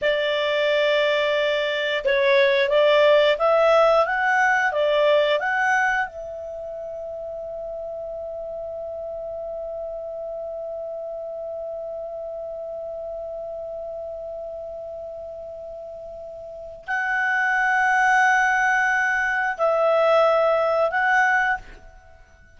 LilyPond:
\new Staff \with { instrumentName = "clarinet" } { \time 4/4 \tempo 4 = 89 d''2. cis''4 | d''4 e''4 fis''4 d''4 | fis''4 e''2.~ | e''1~ |
e''1~ | e''1~ | e''4 fis''2.~ | fis''4 e''2 fis''4 | }